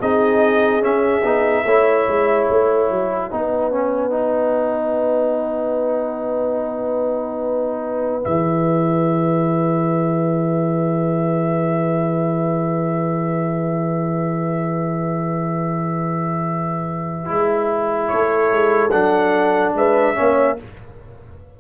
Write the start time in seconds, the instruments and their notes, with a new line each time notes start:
0.00 tuba C4, trombone D#4, horn G#4, trumpet D#5
0.82 trombone C#4, tuba C#4, trumpet E5
1.24 tuba B3, trombone D#4
1.65 tuba A3, trombone E4, horn C#5
2.08 tuba G#3
2.48 tuba A3, trumpet F#5
2.90 tuba F#3
3.31 tuba B3, trombone D#4, horn B4
3.72 trombone C#4
4.11 trombone D#4
8.22 tuba E3, trombone G#4, trumpet E5
17.26 tuba G#3, trombone E4
18.08 tuba A3, horn A4, trumpet C#5
18.52 tuba G#3
18.91 tuba F#3, trombone D4, trumpet F#5
19.74 tuba G#3, horn B4, trumpet E5
20.15 tuba A#3, trombone C#4, horn C#5